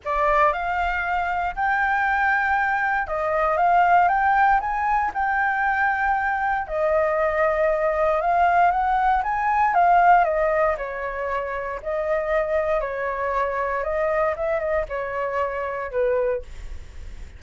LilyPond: \new Staff \with { instrumentName = "flute" } { \time 4/4 \tempo 4 = 117 d''4 f''2 g''4~ | g''2 dis''4 f''4 | g''4 gis''4 g''2~ | g''4 dis''2. |
f''4 fis''4 gis''4 f''4 | dis''4 cis''2 dis''4~ | dis''4 cis''2 dis''4 | e''8 dis''8 cis''2 b'4 | }